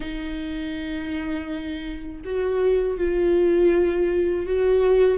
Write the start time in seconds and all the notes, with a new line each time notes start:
0.00 D#4
2.24 F#4
2.98 F4
4.46 F#4